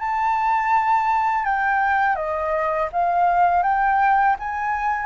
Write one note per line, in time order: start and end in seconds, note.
0.00 1.45 A5
1.45 2.16 G5
2.16 2.89 D#5
2.93 3.63 F5
3.63 4.36 G5
4.40 5.07 G#5